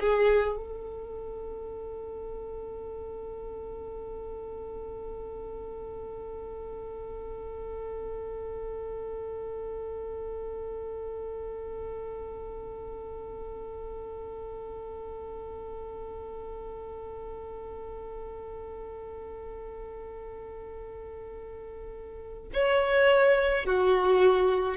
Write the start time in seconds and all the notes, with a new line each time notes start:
0.00 G#4
0.57 A4
22.54 C#5
23.65 F#4